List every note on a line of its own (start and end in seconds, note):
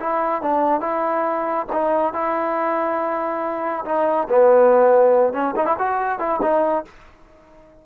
0.00 0.42 E4
0.42 0.81 D4
0.81 1.66 E4
1.72 2.14 D#4
2.14 3.85 E4
3.85 4.28 D#4
4.29 5.33 B3
5.33 5.55 C#4
5.56 5.66 D#4
5.66 5.77 E4
5.79 6.19 F#4
6.19 6.41 E4
6.42 6.85 D#4